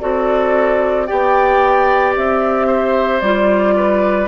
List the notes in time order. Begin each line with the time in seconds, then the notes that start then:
0.00 C4 F#4 A4 D5
1.07 B3 G4 D5 G5
2.16 C4 E5
2.67 C5
3.21 G3 F4 D5
3.76 B4